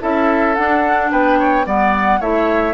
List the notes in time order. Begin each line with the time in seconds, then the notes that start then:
0.00 C#4 E4 A4 E5
0.55 D4 F#5
1.11 B3 B4 G5
1.39 C#5
1.65 G3 B3 D5 F#5
2.20 A3 E4 C#5 E5